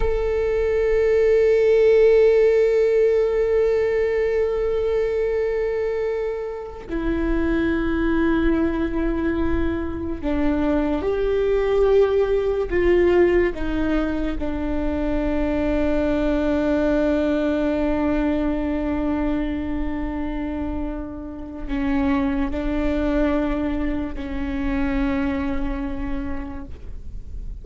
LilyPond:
\new Staff \with { instrumentName = "viola" } { \time 4/4 \tempo 4 = 72 a'1~ | a'1~ | a'16 e'2.~ e'8.~ | e'16 d'4 g'2 f'8.~ |
f'16 dis'4 d'2~ d'8.~ | d'1~ | d'2 cis'4 d'4~ | d'4 cis'2. | }